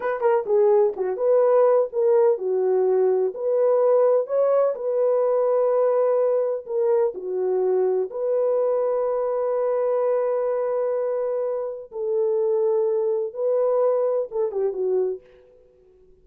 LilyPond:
\new Staff \with { instrumentName = "horn" } { \time 4/4 \tempo 4 = 126 b'8 ais'8 gis'4 fis'8 b'4. | ais'4 fis'2 b'4~ | b'4 cis''4 b'2~ | b'2 ais'4 fis'4~ |
fis'4 b'2.~ | b'1~ | b'4 a'2. | b'2 a'8 g'8 fis'4 | }